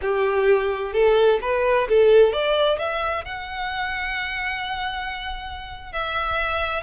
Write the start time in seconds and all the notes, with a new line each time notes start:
0.01 G4
0.93 A4
1.41 B4
1.88 A4
2.32 D5
2.78 E5
3.25 F#5
5.92 E5